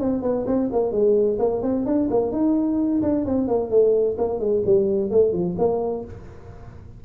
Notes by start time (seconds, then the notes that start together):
0.00 C4
0.23 B3
0.47 C4
0.73 A#3
0.92 G#3
1.40 A#3
1.63 C4
1.86 D4
2.11 A#3
2.32 D#4
3.03 D4
3.26 C4
3.48 A#3
3.71 A3
4.18 A#3
4.40 G#3
4.66 G3
5.11 A3
5.33 F3
5.59 A#3